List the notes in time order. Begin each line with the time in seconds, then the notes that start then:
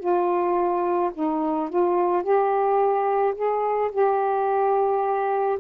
0.00 F4
1.14 D#4
1.70 F4
2.24 G4
3.35 G#4
3.92 G4